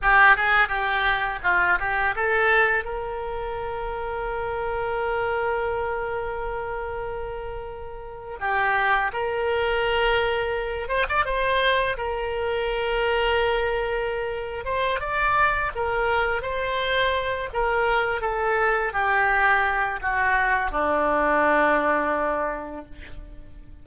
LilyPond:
\new Staff \with { instrumentName = "oboe" } { \time 4/4 \tempo 4 = 84 g'8 gis'8 g'4 f'8 g'8 a'4 | ais'1~ | ais'2.~ ais'8. g'16~ | g'8. ais'2~ ais'8 c''16 d''16 c''16~ |
c''8. ais'2.~ ais'16~ | ais'8 c''8 d''4 ais'4 c''4~ | c''8 ais'4 a'4 g'4. | fis'4 d'2. | }